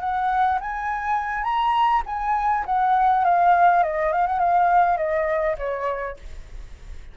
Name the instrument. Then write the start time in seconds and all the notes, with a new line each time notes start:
flute
0.00 F#5
0.60 G#5
1.43 A#5
2.06 G#5
2.65 F#5
3.24 F5
3.83 D#5
4.12 F5
4.27 F#5
4.39 F5
4.97 D#5
5.58 C#5